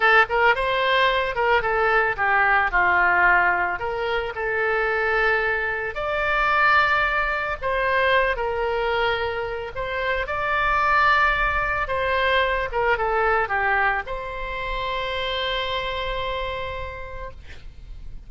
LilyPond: \new Staff \with { instrumentName = "oboe" } { \time 4/4 \tempo 4 = 111 a'8 ais'8 c''4. ais'8 a'4 | g'4 f'2 ais'4 | a'2. d''4~ | d''2 c''4. ais'8~ |
ais'2 c''4 d''4~ | d''2 c''4. ais'8 | a'4 g'4 c''2~ | c''1 | }